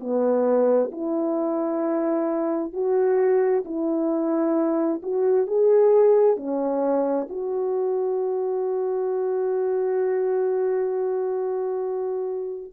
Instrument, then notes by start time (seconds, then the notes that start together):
horn
0.00 B3
0.92 E4
2.73 F#4
3.65 E4
5.03 F#4
5.47 G#4
6.37 C#4
7.29 F#4